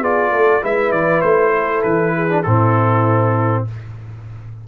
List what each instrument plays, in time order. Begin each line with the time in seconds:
0.00 tuba B3, trombone F4, horn G#4, trumpet D5
0.31 tuba A3, horn A4
0.61 tuba G#3, trombone E4, horn B4, trumpet E5
0.91 tuba E3, trumpet D5
1.21 tuba A3, trumpet C5
1.56 horn A4
1.82 tuba E3, trumpet B4
2.15 horn G#4
2.29 trombone D4
2.43 tuba A2, trombone C4, horn E4, trumpet A4